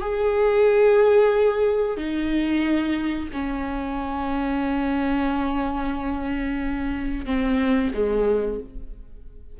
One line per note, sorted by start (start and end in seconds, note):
0.00 1.97 G#4
1.97 3.28 D#4
3.32 7.26 C#4
7.26 7.92 C4
7.93 8.59 G#3